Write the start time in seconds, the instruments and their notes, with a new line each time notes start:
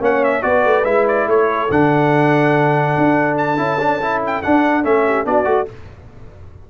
0.00 tuba A#3, trombone C#4, horn C#5, trumpet F#5
0.24 trumpet E5
0.42 tuba B3, trombone F#4, horn B4, trumpet D5
0.65 tuba A3
0.85 tuba G#3, trombone E4, trumpet E5
1.08 trumpet D5
1.27 tuba A3, horn A4, trumpet C#5
1.70 tuba D3, trombone D4, trumpet F#5
2.98 tuba D4
3.37 trumpet A5
3.57 tuba C#4, trombone E4
3.80 trombone D4
4.01 trombone E4
4.26 trumpet G5
4.43 trombone D4, tuba D4, trumpet F#5
4.83 tuba A3, trombone C#4, trumpet E5
5.06 horn G4
5.25 tuba B3, trombone D4, horn F#4, trumpet D5
5.45 tuba A3, trombone F#4